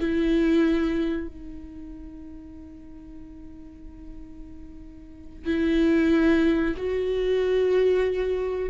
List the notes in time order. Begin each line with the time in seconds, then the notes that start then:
0.00 E4
1.28 D#4
5.45 E4
6.77 F#4